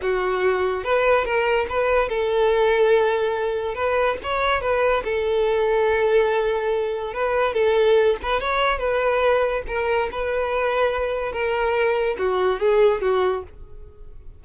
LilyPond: \new Staff \with { instrumentName = "violin" } { \time 4/4 \tempo 4 = 143 fis'2 b'4 ais'4 | b'4 a'2.~ | a'4 b'4 cis''4 b'4 | a'1~ |
a'4 b'4 a'4. b'8 | cis''4 b'2 ais'4 | b'2. ais'4~ | ais'4 fis'4 gis'4 fis'4 | }